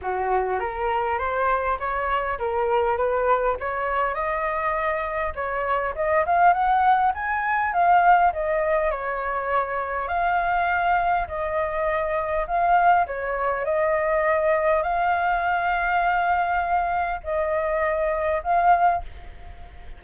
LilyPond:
\new Staff \with { instrumentName = "flute" } { \time 4/4 \tempo 4 = 101 fis'4 ais'4 c''4 cis''4 | ais'4 b'4 cis''4 dis''4~ | dis''4 cis''4 dis''8 f''8 fis''4 | gis''4 f''4 dis''4 cis''4~ |
cis''4 f''2 dis''4~ | dis''4 f''4 cis''4 dis''4~ | dis''4 f''2.~ | f''4 dis''2 f''4 | }